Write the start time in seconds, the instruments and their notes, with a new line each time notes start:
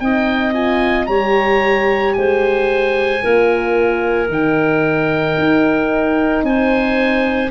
0.00 tuba C4, horn D#4, clarinet D#5, oboe G5
0.53 horn F4, oboe G#5
1.06 tuba G3, horn G4, clarinet C#5, oboe A#5
2.13 tuba G#3, clarinet C5, oboe G#5
3.22 tuba A#3, horn F4, clarinet A#4
4.28 tuba D#3, horn D#4, oboe G5
5.38 tuba D#4
6.43 tuba C4, clarinet C5, oboe G#5